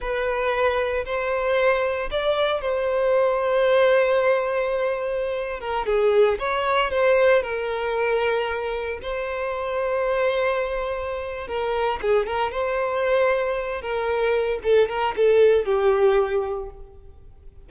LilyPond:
\new Staff \with { instrumentName = "violin" } { \time 4/4 \tempo 4 = 115 b'2 c''2 | d''4 c''2.~ | c''2~ c''8. ais'8 gis'8.~ | gis'16 cis''4 c''4 ais'4.~ ais'16~ |
ais'4~ ais'16 c''2~ c''8.~ | c''2 ais'4 gis'8 ais'8 | c''2~ c''8 ais'4. | a'8 ais'8 a'4 g'2 | }